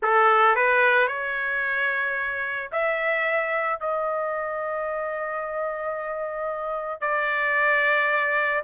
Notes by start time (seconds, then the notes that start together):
0.02 A4
0.55 B4
1.07 C#5
2.72 E5
3.80 D#5
7.00 D5